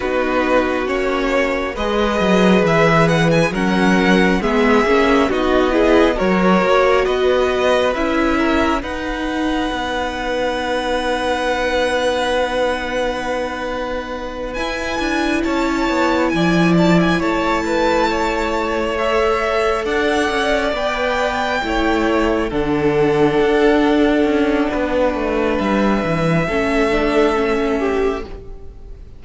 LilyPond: <<
  \new Staff \with { instrumentName = "violin" } { \time 4/4 \tempo 4 = 68 b'4 cis''4 dis''4 e''8 fis''16 gis''16 | fis''4 e''4 dis''4 cis''4 | dis''4 e''4 fis''2~ | fis''1~ |
fis''8 gis''4 a''4 gis''8 a''16 gis''16 a''8~ | a''4. e''4 fis''4 g''8~ | g''4. fis''2~ fis''8~ | fis''4 e''2. | }
  \new Staff \with { instrumentName = "violin" } { \time 4/4 fis'2 b'2 | ais'4 gis'4 fis'8 gis'8 ais'4 | b'4. ais'8 b'2~ | b'1~ |
b'4. cis''4 d''4 cis''8 | b'8 cis''2 d''4.~ | d''8 cis''4 a'2~ a'8 | b'2 a'4. g'8 | }
  \new Staff \with { instrumentName = "viola" } { \time 4/4 dis'4 cis'4 gis'2 | cis'4 b8 cis'8 dis'8 e'8 fis'4~ | fis'4 e'4 dis'2~ | dis'1~ |
dis'8 e'2.~ e'8~ | e'4. a'2 b'8~ | b'8 e'4 d'2~ d'8~ | d'2 cis'8 d'8 cis'4 | }
  \new Staff \with { instrumentName = "cello" } { \time 4/4 b4 ais4 gis8 fis8 e4 | fis4 gis8 ais8 b4 fis8 ais8 | b4 cis'4 dis'4 b4~ | b1~ |
b8 e'8 d'8 cis'8 b8 f4 a8~ | a2~ a8 d'8 cis'8 b8~ | b8 a4 d4 d'4 cis'8 | b8 a8 g8 e8 a2 | }
>>